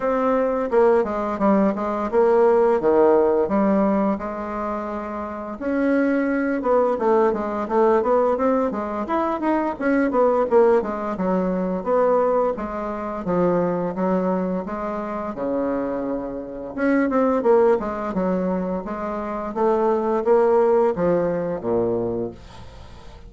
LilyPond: \new Staff \with { instrumentName = "bassoon" } { \time 4/4 \tempo 4 = 86 c'4 ais8 gis8 g8 gis8 ais4 | dis4 g4 gis2 | cis'4. b8 a8 gis8 a8 b8 | c'8 gis8 e'8 dis'8 cis'8 b8 ais8 gis8 |
fis4 b4 gis4 f4 | fis4 gis4 cis2 | cis'8 c'8 ais8 gis8 fis4 gis4 | a4 ais4 f4 ais,4 | }